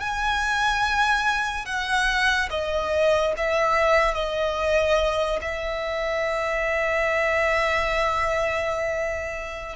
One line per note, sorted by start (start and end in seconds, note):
0.00 1.66 G#5
1.66 2.49 F#5
2.50 3.34 D#5
3.37 4.14 E5
4.14 5.39 D#5
5.42 9.76 E5